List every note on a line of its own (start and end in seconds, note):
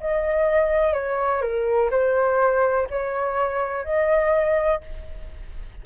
0.00 0.93 D#5
0.93 1.42 C#5
1.42 1.90 A#4
1.91 2.88 C5
2.90 3.84 C#5
3.84 4.81 D#5